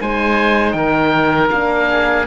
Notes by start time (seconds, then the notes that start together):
0.00 G#3 D#4 C5 G#5
0.71 D#3 A#4 G5
1.50 A#3 D4 F5
1.89 G#4